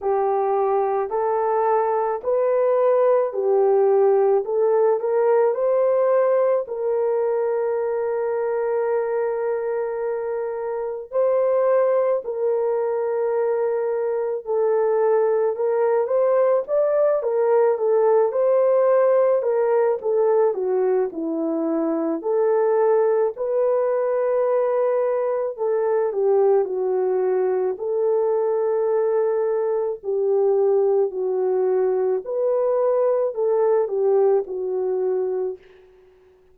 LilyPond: \new Staff \with { instrumentName = "horn" } { \time 4/4 \tempo 4 = 54 g'4 a'4 b'4 g'4 | a'8 ais'8 c''4 ais'2~ | ais'2 c''4 ais'4~ | ais'4 a'4 ais'8 c''8 d''8 ais'8 |
a'8 c''4 ais'8 a'8 fis'8 e'4 | a'4 b'2 a'8 g'8 | fis'4 a'2 g'4 | fis'4 b'4 a'8 g'8 fis'4 | }